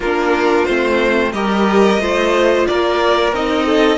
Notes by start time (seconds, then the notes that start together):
0.00 A#3 D4 F4 A#4
0.65 A3 C4 C5
1.32 G3 G4 A#4 D#5
1.98 A3 F4 C5
2.67 A#3 A#4 D5
3.32 C4 D#4 D#5
3.65 A4